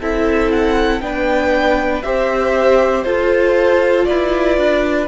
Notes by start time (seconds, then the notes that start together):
0.00 C4 E4 A4 E5
0.51 F#5
1.01 B3 D4 B4 G5
2.02 C4 G4 C5 E5
3.03 F4 A4 C5
4.05 E4 B4 D5
4.58 D4